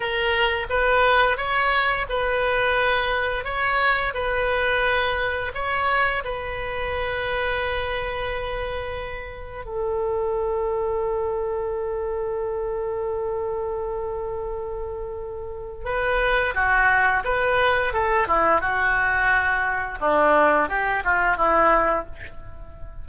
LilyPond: \new Staff \with { instrumentName = "oboe" } { \time 4/4 \tempo 4 = 87 ais'4 b'4 cis''4 b'4~ | b'4 cis''4 b'2 | cis''4 b'2.~ | b'2 a'2~ |
a'1~ | a'2. b'4 | fis'4 b'4 a'8 e'8 fis'4~ | fis'4 d'4 g'8 f'8 e'4 | }